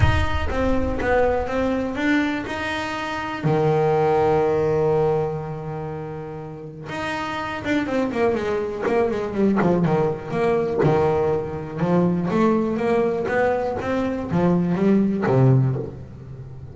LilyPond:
\new Staff \with { instrumentName = "double bass" } { \time 4/4 \tempo 4 = 122 dis'4 c'4 b4 c'4 | d'4 dis'2 dis4~ | dis1~ | dis2 dis'4. d'8 |
c'8 ais8 gis4 ais8 gis8 g8 f8 | dis4 ais4 dis2 | f4 a4 ais4 b4 | c'4 f4 g4 c4 | }